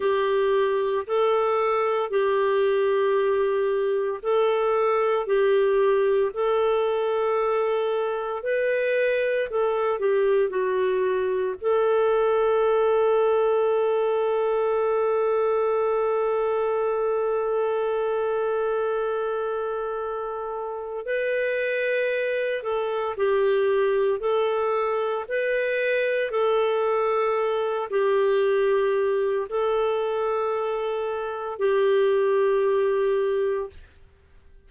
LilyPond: \new Staff \with { instrumentName = "clarinet" } { \time 4/4 \tempo 4 = 57 g'4 a'4 g'2 | a'4 g'4 a'2 | b'4 a'8 g'8 fis'4 a'4~ | a'1~ |
a'1 | b'4. a'8 g'4 a'4 | b'4 a'4. g'4. | a'2 g'2 | }